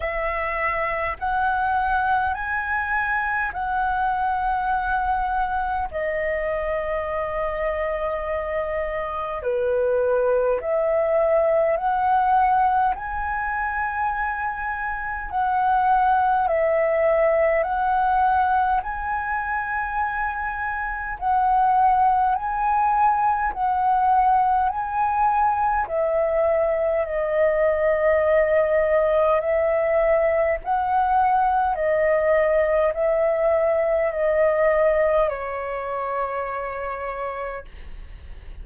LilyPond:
\new Staff \with { instrumentName = "flute" } { \time 4/4 \tempo 4 = 51 e''4 fis''4 gis''4 fis''4~ | fis''4 dis''2. | b'4 e''4 fis''4 gis''4~ | gis''4 fis''4 e''4 fis''4 |
gis''2 fis''4 gis''4 | fis''4 gis''4 e''4 dis''4~ | dis''4 e''4 fis''4 dis''4 | e''4 dis''4 cis''2 | }